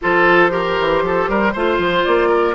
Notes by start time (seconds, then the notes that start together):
0.01 F3 F4 A4 C5
0.49 G4 A#4
0.80 E3
1.02 F3 A4
1.28 G3 A#4
1.52 A3 F4 C5
1.77 F3
2.04 A#3 D5
2.28 A#4